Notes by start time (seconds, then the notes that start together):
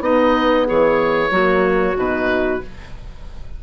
0.00 B3 D#4 D#5
0.66 E3 G#4 C#5
1.31 F#3 A#3 F#4
1.96 B2 D#4 B4